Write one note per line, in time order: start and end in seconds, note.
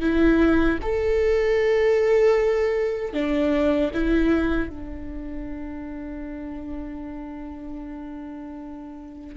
0.00 0.78 E4
0.82 3.13 A4
3.13 3.91 D4
3.93 4.69 E4
4.69 9.36 D4